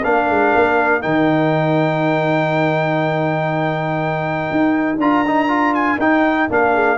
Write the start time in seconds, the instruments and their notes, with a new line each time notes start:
0.00 tuba A#3, trombone D4, horn A#4, trumpet F5
0.29 tuba G#3
0.55 tuba A#3
1.01 tuba D#3, trombone D#4, trumpet G5
4.50 tuba D#4
4.97 tuba D4, trombone F4, trumpet A#5
5.26 trombone D#4
5.48 trombone F4
5.74 trumpet G#5
5.98 tuba D#4, trombone D#4, trumpet G5
6.49 tuba A#3, trombone D4, trumpet F5
6.73 horn G#4